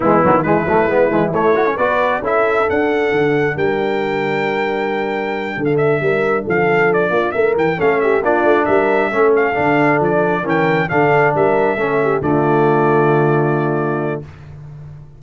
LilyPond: <<
  \new Staff \with { instrumentName = "trumpet" } { \time 4/4 \tempo 4 = 135 e'4 b'2 cis''4 | d''4 e''4 fis''2 | g''1~ | g''8. f''16 e''4. f''4 d''8~ |
d''8 e''8 g''8 f''8 e''8 d''4 e''8~ | e''4 f''4. d''4 g''8~ | g''8 f''4 e''2 d''8~ | d''1 | }
  \new Staff \with { instrumentName = "horn" } { \time 4/4 b4 e'2. | b'4 a'2. | ais'1~ | ais'8 a'4 ais'4 a'4. |
f'8 ais'4 a'8 g'8 f'4 ais'8~ | ais'8 a'2. ais'8~ | ais'8 a'4 ais'4 a'8 g'8 f'8~ | f'1 | }
  \new Staff \with { instrumentName = "trombone" } { \time 4/4 gis8 fis8 gis8 a8 b8 gis8 a8 fis'16 cis'16 | fis'4 e'4 d'2~ | d'1~ | d'1~ |
d'4. cis'4 d'4.~ | d'8 cis'4 d'2 cis'8~ | cis'8 d'2 cis'4 a8~ | a1 | }
  \new Staff \with { instrumentName = "tuba" } { \time 4/4 e8 dis8 e8 fis8 gis8 e8 a4 | b4 cis'4 d'4 d4 | g1~ | g8 d4 g4 f4. |
ais8 a8 e8 a4 ais8 a8 g8~ | g8 a4 d4 f4 e8~ | e8 d4 g4 a4 d8~ | d1 | }
>>